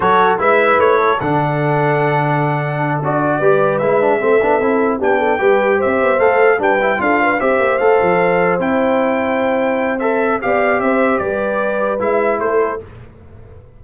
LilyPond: <<
  \new Staff \with { instrumentName = "trumpet" } { \time 4/4 \tempo 4 = 150 cis''4 e''4 cis''4 fis''4~ | fis''2.~ fis''8 d''8~ | d''4. e''2~ e''8~ | e''8 g''2 e''4 f''8~ |
f''8 g''4 f''4 e''4 f''8~ | f''4. g''2~ g''8~ | g''4 e''4 f''4 e''4 | d''2 e''4 c''4 | }
  \new Staff \with { instrumentName = "horn" } { \time 4/4 a'4 b'4. a'4.~ | a'1~ | a'8 b'2 a'4.~ | a'8 g'8 a'8 b'4 c''4.~ |
c''8 b'4 a'8 b'8 c''4.~ | c''1~ | c''2 d''4 c''4 | b'2. a'4 | }
  \new Staff \with { instrumentName = "trombone" } { \time 4/4 fis'4 e'2 d'4~ | d'2.~ d'8 fis'8~ | fis'8 g'4 e'8 d'8 c'8 d'8 e'8~ | e'8 d'4 g'2 a'8~ |
a'8 d'8 e'8 f'4 g'4 a'8~ | a'4. e'2~ e'8~ | e'4 a'4 g'2~ | g'2 e'2 | }
  \new Staff \with { instrumentName = "tuba" } { \time 4/4 fis4 gis4 a4 d4~ | d2.~ d8 d'8~ | d'8 g4 gis4 a8 b8 c'8~ | c'8 b4 g4 c'8 b8 a8~ |
a8 g4 d'4 c'8 ais8 a8 | f4. c'2~ c'8~ | c'2 b4 c'4 | g2 gis4 a4 | }
>>